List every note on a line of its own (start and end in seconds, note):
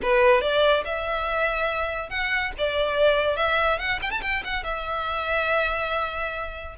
0.02 0.41 B4
0.41 0.83 D5
0.85 2.09 E5
2.09 2.51 F#5
2.58 3.36 D5
3.36 3.78 E5
3.78 3.99 F#5
4.02 4.10 G5
4.10 4.21 A5
4.22 4.43 G5
4.44 4.63 F#5
4.63 6.75 E5